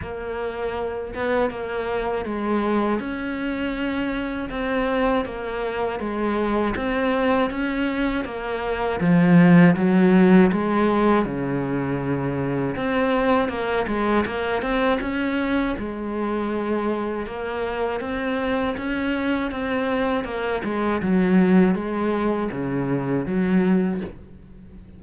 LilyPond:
\new Staff \with { instrumentName = "cello" } { \time 4/4 \tempo 4 = 80 ais4. b8 ais4 gis4 | cis'2 c'4 ais4 | gis4 c'4 cis'4 ais4 | f4 fis4 gis4 cis4~ |
cis4 c'4 ais8 gis8 ais8 c'8 | cis'4 gis2 ais4 | c'4 cis'4 c'4 ais8 gis8 | fis4 gis4 cis4 fis4 | }